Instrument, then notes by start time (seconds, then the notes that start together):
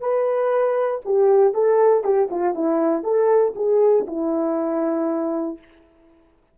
horn
0.00 B4
1.05 G4
1.54 A4
2.04 G4
2.31 F4
2.55 E4
3.03 A4
3.55 G#4
4.07 E4